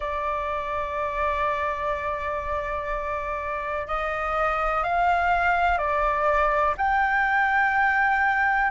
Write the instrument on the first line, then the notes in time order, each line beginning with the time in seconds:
flute
0.00 D5
3.87 D#5
4.83 F5
5.78 D5
6.77 G5